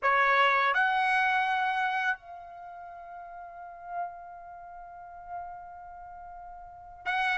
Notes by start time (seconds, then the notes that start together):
0.02 C#5
0.74 F#5
2.18 F5
7.05 F#5